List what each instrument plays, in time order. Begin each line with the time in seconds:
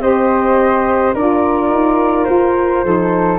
0.00 tuba C4, saxophone G4, flute C5 D#5
1.14 tuba D4, saxophone F4, flute A#4 D5
1.70 tuba D#4
2.25 tuba F4, flute C5
2.84 tuba F3, saxophone D#4, flute A4